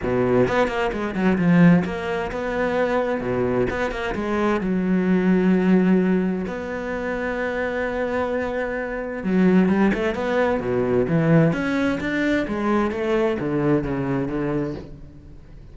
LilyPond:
\new Staff \with { instrumentName = "cello" } { \time 4/4 \tempo 4 = 130 b,4 b8 ais8 gis8 fis8 f4 | ais4 b2 b,4 | b8 ais8 gis4 fis2~ | fis2 b2~ |
b1 | fis4 g8 a8 b4 b,4 | e4 cis'4 d'4 gis4 | a4 d4 cis4 d4 | }